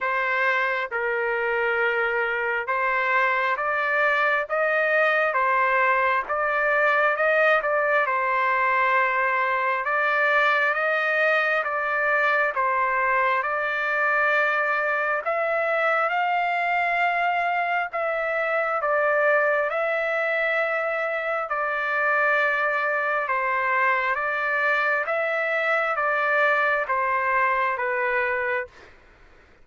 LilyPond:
\new Staff \with { instrumentName = "trumpet" } { \time 4/4 \tempo 4 = 67 c''4 ais'2 c''4 | d''4 dis''4 c''4 d''4 | dis''8 d''8 c''2 d''4 | dis''4 d''4 c''4 d''4~ |
d''4 e''4 f''2 | e''4 d''4 e''2 | d''2 c''4 d''4 | e''4 d''4 c''4 b'4 | }